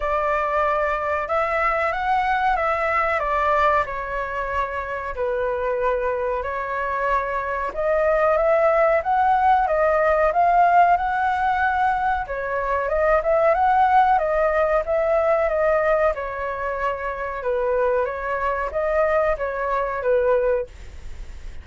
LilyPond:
\new Staff \with { instrumentName = "flute" } { \time 4/4 \tempo 4 = 93 d''2 e''4 fis''4 | e''4 d''4 cis''2 | b'2 cis''2 | dis''4 e''4 fis''4 dis''4 |
f''4 fis''2 cis''4 | dis''8 e''8 fis''4 dis''4 e''4 | dis''4 cis''2 b'4 | cis''4 dis''4 cis''4 b'4 | }